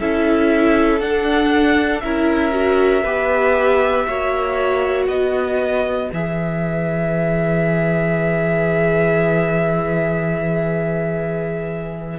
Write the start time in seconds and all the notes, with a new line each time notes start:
0.00 C#4 E4 A4 E5
1.01 D4 F#5
2.01 C#4 E4 A#4 E5
2.52 F#4
3.04 B3 G4 B4
4.07 A#3 F#4 C#5
5.06 B3 B4 D#5
6.13 E3 G#4 E5